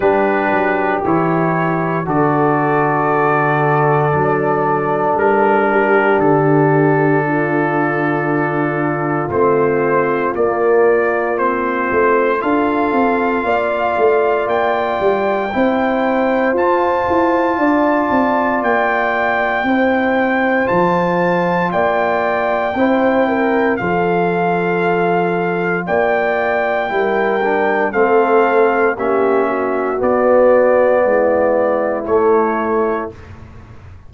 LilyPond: <<
  \new Staff \with { instrumentName = "trumpet" } { \time 4/4 \tempo 4 = 58 b'4 cis''4 d''2~ | d''4 ais'4 a'2~ | a'4 c''4 d''4 c''4 | f''2 g''2 |
a''2 g''2 | a''4 g''2 f''4~ | f''4 g''2 f''4 | e''4 d''2 cis''4 | }
  \new Staff \with { instrumentName = "horn" } { \time 4/4 g'2 a'2~ | a'4. g'4. f'4~ | f'1 | a'4 d''2 c''4~ |
c''4 d''2 c''4~ | c''4 d''4 c''8 ais'8 a'4~ | a'4 d''4 ais'4 a'4 | g'8 fis'4. e'2 | }
  \new Staff \with { instrumentName = "trombone" } { \time 4/4 d'4 e'4 fis'2 | d'1~ | d'4 c'4 ais4 c'4 | f'2. e'4 |
f'2. e'4 | f'2 e'4 f'4~ | f'2 e'8 d'8 c'4 | cis'4 b2 a4 | }
  \new Staff \with { instrumentName = "tuba" } { \time 4/4 g8 fis8 e4 d2 | fis4 g4 d2~ | d4 a4 ais4. a8 | d'8 c'8 ais8 a8 ais8 g8 c'4 |
f'8 e'8 d'8 c'8 ais4 c'4 | f4 ais4 c'4 f4~ | f4 ais4 g4 a4 | ais4 b4 gis4 a4 | }
>>